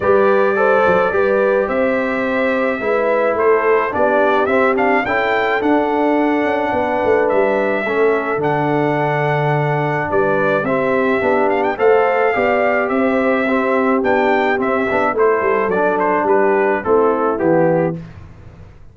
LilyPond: <<
  \new Staff \with { instrumentName = "trumpet" } { \time 4/4 \tempo 4 = 107 d''2. e''4~ | e''2 c''4 d''4 | e''8 f''8 g''4 fis''2~ | fis''4 e''2 fis''4~ |
fis''2 d''4 e''4~ | e''8 f''16 g''16 f''2 e''4~ | e''4 g''4 e''4 c''4 | d''8 c''8 b'4 a'4 g'4 | }
  \new Staff \with { instrumentName = "horn" } { \time 4/4 b'4 c''4 b'4 c''4~ | c''4 b'4 a'4 g'4~ | g'4 a'2. | b'2 a'2~ |
a'2 b'4 g'4~ | g'4 c''4 d''4 c''4 | g'2. a'4~ | a'4 g'4 e'2 | }
  \new Staff \with { instrumentName = "trombone" } { \time 4/4 g'4 a'4 g'2~ | g'4 e'2 d'4 | c'8 d'8 e'4 d'2~ | d'2 cis'4 d'4~ |
d'2. c'4 | d'4 a'4 g'2 | c'4 d'4 c'8 d'8 e'4 | d'2 c'4 b4 | }
  \new Staff \with { instrumentName = "tuba" } { \time 4/4 g4. fis8 g4 c'4~ | c'4 gis4 a4 b4 | c'4 cis'4 d'4. cis'8 | b8 a8 g4 a4 d4~ |
d2 g4 c'4 | b4 a4 b4 c'4~ | c'4 b4 c'8 b8 a8 g8 | fis4 g4 a4 e4 | }
>>